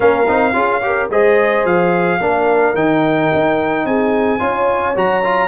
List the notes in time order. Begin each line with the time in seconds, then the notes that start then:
0.00 A#3 C#4 A#4 F5
0.28 C4 D#4
0.53 C#4 F4 G#4
0.82 G4 A#4
1.10 G#3 G#4 C5 D#5
1.64 F3 F5
2.20 A#3 D4 A#4
2.74 D#3 D#4 G5
3.34 D#4
3.85 C4 G#4 G#5
4.39 C#4 F4 C#5
4.95 F#3 F#4 A#5
5.24 F4